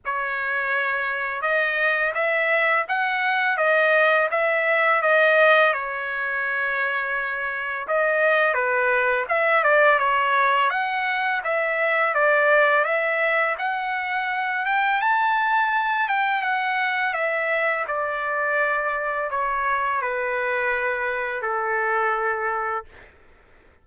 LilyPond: \new Staff \with { instrumentName = "trumpet" } { \time 4/4 \tempo 4 = 84 cis''2 dis''4 e''4 | fis''4 dis''4 e''4 dis''4 | cis''2. dis''4 | b'4 e''8 d''8 cis''4 fis''4 |
e''4 d''4 e''4 fis''4~ | fis''8 g''8 a''4. g''8 fis''4 | e''4 d''2 cis''4 | b'2 a'2 | }